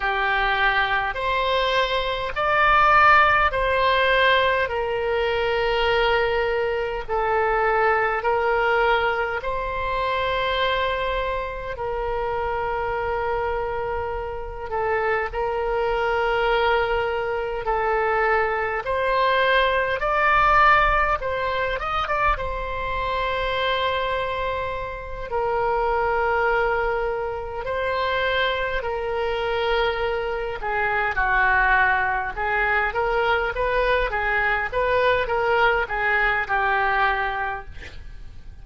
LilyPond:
\new Staff \with { instrumentName = "oboe" } { \time 4/4 \tempo 4 = 51 g'4 c''4 d''4 c''4 | ais'2 a'4 ais'4 | c''2 ais'2~ | ais'8 a'8 ais'2 a'4 |
c''4 d''4 c''8 dis''16 d''16 c''4~ | c''4. ais'2 c''8~ | c''8 ais'4. gis'8 fis'4 gis'8 | ais'8 b'8 gis'8 b'8 ais'8 gis'8 g'4 | }